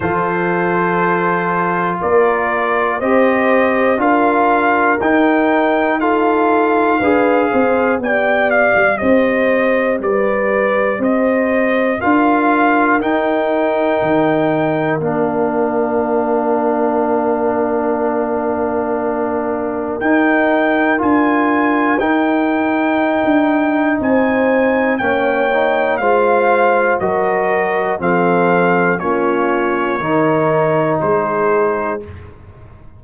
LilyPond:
<<
  \new Staff \with { instrumentName = "trumpet" } { \time 4/4 \tempo 4 = 60 c''2 d''4 dis''4 | f''4 g''4 f''2 | g''8 f''8 dis''4 d''4 dis''4 | f''4 g''2 f''4~ |
f''1 | g''4 gis''4 g''2 | gis''4 g''4 f''4 dis''4 | f''4 cis''2 c''4 | }
  \new Staff \with { instrumentName = "horn" } { \time 4/4 a'2 ais'4 c''4 | ais'2 a'4 b'8 c''8 | d''4 c''4 b'4 c''4 | ais'1~ |
ais'1~ | ais'1 | c''4 cis''4 c''4 ais'4 | a'4 f'4 ais'4 gis'4 | }
  \new Staff \with { instrumentName = "trombone" } { \time 4/4 f'2. g'4 | f'4 dis'4 f'4 gis'4 | g'1 | f'4 dis'2 d'4~ |
d'1 | dis'4 f'4 dis'2~ | dis'4 cis'8 dis'8 f'4 fis'4 | c'4 cis'4 dis'2 | }
  \new Staff \with { instrumentName = "tuba" } { \time 4/4 f2 ais4 c'4 | d'4 dis'2 d'8 c'8 | b8. g16 c'4 g4 c'4 | d'4 dis'4 dis4 ais4~ |
ais1 | dis'4 d'4 dis'4~ dis'16 d'8. | c'4 ais4 gis4 fis4 | f4 ais4 dis4 gis4 | }
>>